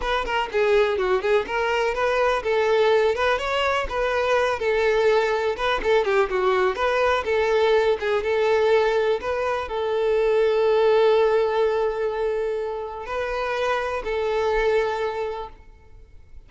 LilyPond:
\new Staff \with { instrumentName = "violin" } { \time 4/4 \tempo 4 = 124 b'8 ais'8 gis'4 fis'8 gis'8 ais'4 | b'4 a'4. b'8 cis''4 | b'4. a'2 b'8 | a'8 g'8 fis'4 b'4 a'4~ |
a'8 gis'8 a'2 b'4 | a'1~ | a'2. b'4~ | b'4 a'2. | }